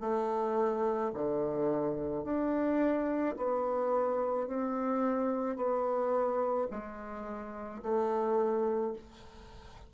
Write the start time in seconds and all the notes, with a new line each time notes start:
0.00 A3
1.14 D3
2.24 D4
3.37 B3
4.47 C4
5.56 B3
6.71 G#3
7.82 A3